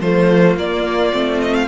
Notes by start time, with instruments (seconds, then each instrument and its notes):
0.00 cello F3, viola A3, violin F4 C5
0.56 cello A#3, viola A#3, violin D5
1.12 cello A3, viola C4
1.41 violin D#5
1.54 violin F5